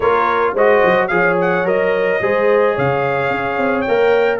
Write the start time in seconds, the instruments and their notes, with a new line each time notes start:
0.00 tuba A#3, trombone F4, horn A#4, trumpet C#5
0.53 tuba G#3, trombone F#4, horn C5, trumpet D#5
0.84 tuba F#3
1.07 tuba F3, trombone G#4, horn C#5, trumpet F5
1.40 trumpet F#5
1.64 tuba F#3, trombone A#4, trumpet D#5
2.21 tuba G#3, trombone G#4, horn C5
2.74 tuba C#3, horn C#5, trumpet F5
3.30 tuba C#4
3.57 tuba C4
3.81 trumpet G5
3.87 tuba A#3, trombone A#4